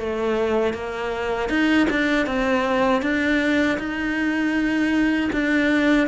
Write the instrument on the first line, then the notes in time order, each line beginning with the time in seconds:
cello
0.00 A3
0.74 A#3
1.49 D#4
1.90 D4
2.27 C4
3.02 D4
3.79 D#4
5.32 D4